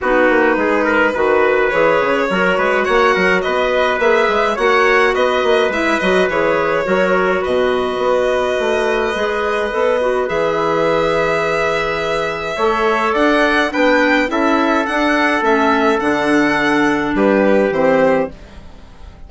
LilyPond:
<<
  \new Staff \with { instrumentName = "violin" } { \time 4/4 \tempo 4 = 105 b'2. cis''4~ | cis''4 fis''4 dis''4 e''4 | fis''4 dis''4 e''8 dis''8 cis''4~ | cis''4 dis''2.~ |
dis''2 e''2~ | e''2. fis''4 | g''4 e''4 fis''4 e''4 | fis''2 b'4 c''4 | }
  \new Staff \with { instrumentName = "trumpet" } { \time 4/4 fis'4 gis'8 ais'8 b'2 | ais'8 b'8 cis''8 ais'8 b'2 | cis''4 b'2. | ais'4 b'2.~ |
b'1~ | b'2 cis''4 d''4 | b'4 a'2.~ | a'2 g'2 | }
  \new Staff \with { instrumentName = "clarinet" } { \time 4/4 dis'2 fis'4 gis'4 | fis'2. gis'4 | fis'2 e'8 fis'8 gis'4 | fis'1 |
gis'4 a'8 fis'8 gis'2~ | gis'2 a'2 | d'4 e'4 d'4 cis'4 | d'2. c'4 | }
  \new Staff \with { instrumentName = "bassoon" } { \time 4/4 b8 ais8 gis4 dis4 e8 cis8 | fis8 gis8 ais8 fis8 b4 ais8 gis8 | ais4 b8 ais8 gis8 fis8 e4 | fis4 b,4 b4 a4 |
gis4 b4 e2~ | e2 a4 d'4 | b4 cis'4 d'4 a4 | d2 g4 e4 | }
>>